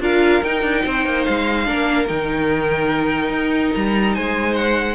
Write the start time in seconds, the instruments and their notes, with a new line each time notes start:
0.00 cello D4, viola F4, violin A#4 F5
0.43 cello D#4, viola D#4, violin G5
0.62 cello D4
0.84 cello C4, violin C5
1.05 cello A#3
1.24 cello G#3, violin F5
1.65 cello A#3, viola D4, violin A#4
2.07 cello D#3, viola D#4, violin G5
3.29 cello D#4
3.74 cello G3, violin A#5
4.14 cello G#3, violin C5 G#5
4.54 violin F#5